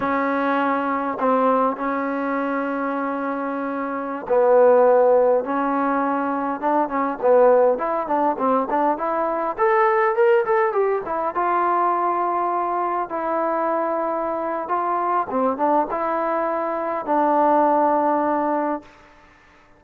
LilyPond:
\new Staff \with { instrumentName = "trombone" } { \time 4/4 \tempo 4 = 102 cis'2 c'4 cis'4~ | cis'2.~ cis'16 b8.~ | b4~ b16 cis'2 d'8 cis'16~ | cis'16 b4 e'8 d'8 c'8 d'8 e'8.~ |
e'16 a'4 ais'8 a'8 g'8 e'8 f'8.~ | f'2~ f'16 e'4.~ e'16~ | e'4 f'4 c'8 d'8 e'4~ | e'4 d'2. | }